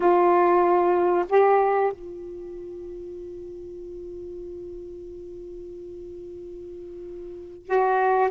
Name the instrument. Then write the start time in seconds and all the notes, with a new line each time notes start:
saxophone
0.00 F4
1.29 G4
1.92 F4
7.66 F#4